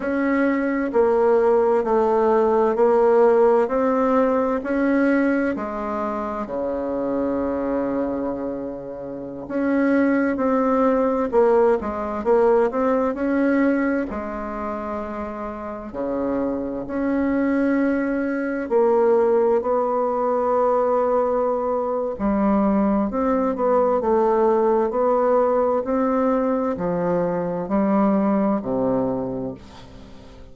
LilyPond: \new Staff \with { instrumentName = "bassoon" } { \time 4/4 \tempo 4 = 65 cis'4 ais4 a4 ais4 | c'4 cis'4 gis4 cis4~ | cis2~ cis16 cis'4 c'8.~ | c'16 ais8 gis8 ais8 c'8 cis'4 gis8.~ |
gis4~ gis16 cis4 cis'4.~ cis'16~ | cis'16 ais4 b2~ b8. | g4 c'8 b8 a4 b4 | c'4 f4 g4 c4 | }